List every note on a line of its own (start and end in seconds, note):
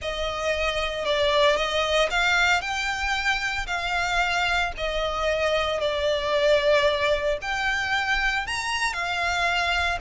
0.01 1.05 D#5
1.05 1.56 D5
1.56 2.08 D#5
2.10 2.61 F5
2.61 3.66 G5
3.67 4.72 F5
4.77 5.80 D#5
5.80 7.38 D5
7.41 8.46 G5
8.46 8.93 A#5
8.93 9.98 F5